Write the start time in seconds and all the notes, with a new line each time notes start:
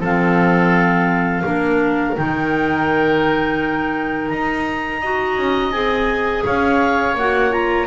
0.00 F3 C4 A4 F5
1.44 A#3 D4 A#4
2.16 D#3 D#4 G5
4.29 D#4 A#5
5.01 F#4 D#5
5.37 C#4
5.71 C4 G#4 G#5
6.45 C#4 C#5 F5
7.14 A#3 F#4 F#5
7.50 F4 A#5